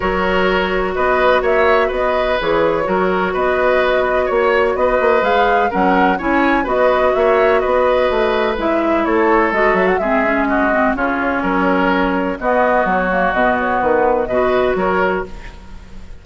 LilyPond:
<<
  \new Staff \with { instrumentName = "flute" } { \time 4/4 \tempo 4 = 126 cis''2 dis''4 e''4 | dis''4 cis''2 dis''4~ | dis''4 cis''4 dis''4 f''4 | fis''4 gis''4 dis''4 e''4 |
dis''2 e''4 cis''4 | dis''8 e''16 fis''16 e''4 dis''4 cis''4~ | cis''2 dis''4 cis''4 | dis''8 cis''8 b'4 dis''4 cis''4 | }
  \new Staff \with { instrumentName = "oboe" } { \time 4/4 ais'2 b'4 cis''4 | b'2 ais'4 b'4~ | b'4 cis''4 b'2 | ais'4 cis''4 b'4 cis''4 |
b'2. a'4~ | a'4 gis'4 fis'4 f'4 | ais'2 fis'2~ | fis'2 b'4 ais'4 | }
  \new Staff \with { instrumentName = "clarinet" } { \time 4/4 fis'1~ | fis'4 gis'4 fis'2~ | fis'2. gis'4 | cis'4 e'4 fis'2~ |
fis'2 e'2 | fis'4 c'8 cis'4 c'8 cis'4~ | cis'2 b4. ais8 | b2 fis'2 | }
  \new Staff \with { instrumentName = "bassoon" } { \time 4/4 fis2 b4 ais4 | b4 e4 fis4 b4~ | b4 ais4 b8 ais8 gis4 | fis4 cis'4 b4 ais4 |
b4 a4 gis4 a4 | gis8 fis8 gis2 cis4 | fis2 b4 fis4 | b,4 dis4 b,4 fis4 | }
>>